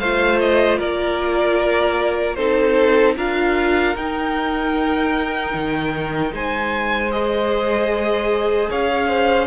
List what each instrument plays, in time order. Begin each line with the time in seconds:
0.00 cello A3, viola F4, violin C5 F5
0.40 violin D#5
0.79 cello A#3, violin A#4 D5
2.35 cello C4, viola D#4, violin A4 C5
3.16 cello D4, viola F4, violin A#4 F5
3.96 cello D#4, viola D#4, violin G5
5.54 cello D#3
6.33 cello G#3, violin C5 G#5
7.11 viola G#4, violin D#5
8.70 cello C#4, violin C#5 F5
9.09 violin C5